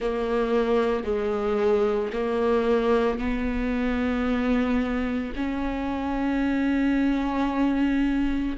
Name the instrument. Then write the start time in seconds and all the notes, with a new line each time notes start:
viola
0.00 A#3
1.04 G#3
2.12 A#3
3.19 B3
5.36 C#4